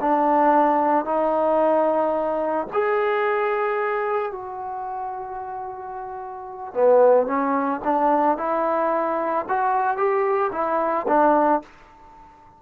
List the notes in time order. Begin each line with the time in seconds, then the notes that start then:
0.00 D4
1.04 D#4
2.72 G#4
4.31 F#4
6.73 B3
7.26 C#4
7.84 D4
8.37 E4
9.48 F#4
9.97 G4
10.52 E4
11.07 D4